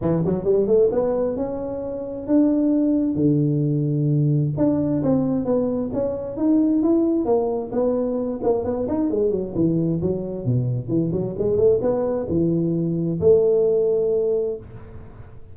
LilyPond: \new Staff \with { instrumentName = "tuba" } { \time 4/4 \tempo 4 = 132 e8 fis8 g8 a8 b4 cis'4~ | cis'4 d'2 d4~ | d2 d'4 c'4 | b4 cis'4 dis'4 e'4 |
ais4 b4. ais8 b8 dis'8 | gis8 fis8 e4 fis4 b,4 | e8 fis8 gis8 a8 b4 e4~ | e4 a2. | }